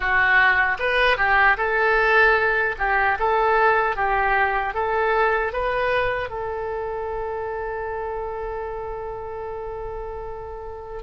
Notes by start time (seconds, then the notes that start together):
0.00 F#4
0.79 B4
1.17 G4
1.57 A4
2.78 G4
3.19 A4
3.96 G4
4.74 A4
5.52 B4
6.29 A4